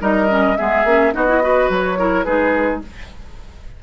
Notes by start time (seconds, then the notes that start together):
0.00 G3 D#4 A#4 D#5
0.29 C#4
0.57 G#3 B3 G#4 E5
0.84 A#3 C#4
1.12 B3 D#4 F#4 D#5
1.27 E4
1.41 F#4 B4
1.70 F#3 C#5
1.97 E4 A#4
2.24 G#3 D#4 G#4 B4